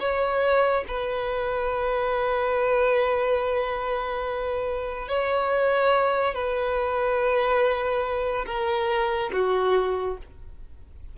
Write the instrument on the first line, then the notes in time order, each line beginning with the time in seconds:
violin
0.00 C#5
0.88 B4
5.09 C#5
6.35 B4
8.47 A#4
9.33 F#4